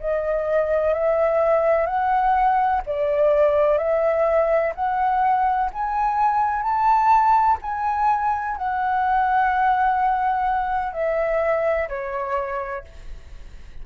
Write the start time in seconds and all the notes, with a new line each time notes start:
0.00 D#5
0.94 E5
1.87 F#5
2.87 D5
3.78 E5
4.75 F#5
5.74 G#5
6.63 A5
7.62 G#5
8.57 F#5
10.93 E5
11.89 C#5